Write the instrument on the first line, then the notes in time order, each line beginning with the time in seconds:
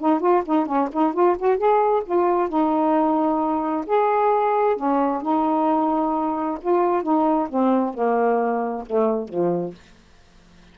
saxophone
0.00 D#4
0.20 F4
0.45 D#4
0.66 C#4
0.93 D#4
1.14 F4
1.39 F#4
1.58 G#4
2.05 F4
2.49 D#4
3.86 G#4
4.77 C#4
5.22 D#4
6.61 F4
7.03 D#4
7.49 C4
7.94 A#3
8.87 A3
9.29 F3